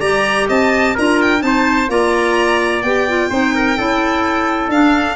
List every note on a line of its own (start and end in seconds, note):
0.00 0.47 G3
0.00 0.96 G4
0.00 0.47 D5
0.00 0.47 A#5
0.48 0.96 C4
0.48 0.95 D#5
0.48 0.96 A5
0.95 1.42 D4
0.95 1.39 F4
0.95 1.41 A#4
0.95 1.22 A#5
1.22 1.42 G5
1.39 1.89 C4
1.39 1.86 D#4
1.39 1.89 A5
1.46 1.91 C5
1.89 2.82 A#3
1.89 2.83 F4
1.89 3.30 D5
1.89 2.82 A#5
2.82 3.29 B3
2.82 3.08 G4
2.82 4.69 G5
3.08 3.30 F4
3.30 3.77 C4
3.30 3.77 D#4
3.30 3.53 C5
3.54 3.77 A#4
3.77 4.68 C#4
3.77 4.71 E4
3.77 5.15 A4
4.68 5.15 D4
4.68 5.15 F5